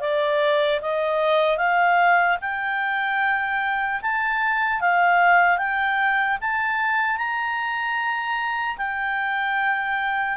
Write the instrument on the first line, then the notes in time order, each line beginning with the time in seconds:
clarinet
0.00 D5
0.81 D#5
1.57 F5
2.41 G5
4.02 A5
4.80 F5
5.58 G5
6.41 A5
7.17 A#5
8.77 G5